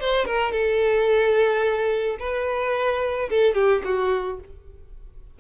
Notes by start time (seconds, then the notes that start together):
0.00 C5
0.26 A#4
0.52 A4
2.19 B4
3.30 A4
3.55 G4
3.85 F#4